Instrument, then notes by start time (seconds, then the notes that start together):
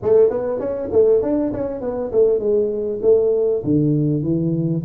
tuba
0.02 A3
0.29 B3
0.59 C#4
0.92 A3
1.22 D4
1.53 C#4
1.80 B3
2.12 A3
2.39 G#3
3.02 A3
3.64 D3
4.22 E3